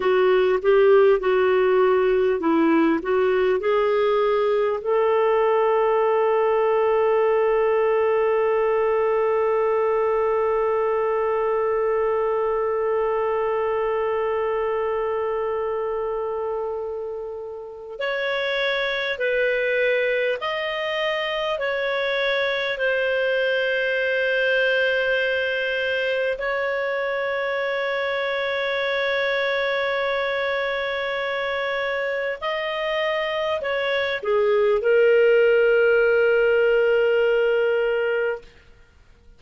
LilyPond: \new Staff \with { instrumentName = "clarinet" } { \time 4/4 \tempo 4 = 50 fis'8 g'8 fis'4 e'8 fis'8 gis'4 | a'1~ | a'1~ | a'2. cis''4 |
b'4 dis''4 cis''4 c''4~ | c''2 cis''2~ | cis''2. dis''4 | cis''8 gis'8 ais'2. | }